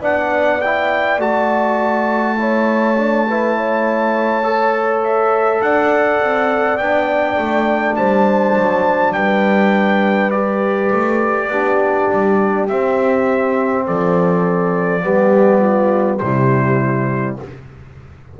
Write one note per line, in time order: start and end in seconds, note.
0.00 1.18 B3
0.00 0.60 D4
0.00 2.37 D5
0.00 0.61 F#5
0.61 1.20 E4
0.61 1.19 G5
1.18 5.59 A3
1.18 2.37 F#4
1.18 5.03 A5
2.37 2.96 E4
2.37 3.27 C#5
2.97 3.26 D4
3.28 4.43 E4
3.28 3.57 B4
3.57 5.62 C#5
4.43 6.78 A4
5.03 5.61 E5
5.61 6.20 D4
5.61 7.97 D5
5.61 6.77 F#5
6.20 6.78 C4
6.77 7.37 B3
6.77 10.32 D4
6.77 7.95 G5
7.38 7.97 A3
7.95 8.56 G3
7.95 9.14 C5
7.95 9.12 A5
8.57 9.14 F#3
9.12 10.90 G3
9.12 11.50 B4
9.12 10.30 G5
10.30 11.50 G4
10.30 12.66 D5
10.92 11.47 A3
11.47 12.06 B3
11.47 12.68 D4
11.47 13.85 G4
12.11 12.70 G3
12.68 15.01 C4
12.68 13.87 C4
12.68 13.86 E5
13.86 15.03 F3
13.86 15.03 A4
13.86 16.18 D5
15.01 16.21 G3
15.01 16.19 B3
15.01 15.59 G4
15.59 16.18 F4
16.18 17.39 C3
16.18 17.40 G3
16.18 17.39 E4
16.18 17.35 C5